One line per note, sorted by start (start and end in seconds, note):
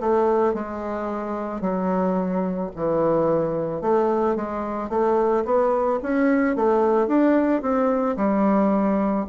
0.00 0.54 A3
0.54 1.61 G#3
1.61 2.70 F#3
2.76 3.81 E3
3.81 4.36 A3
4.36 4.89 G#3
4.89 5.44 A3
5.45 6.00 B3
6.02 6.56 C#4
6.56 7.07 A3
7.07 7.62 D4
7.62 8.16 C4
8.16 9.25 G3